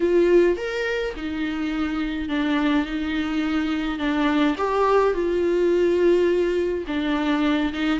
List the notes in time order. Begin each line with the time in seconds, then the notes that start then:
0.00 F4
0.57 A#4
1.16 D#4
2.28 D4
2.85 D#4
3.98 D4
4.57 G4
5.13 F4
6.87 D4
7.73 D#4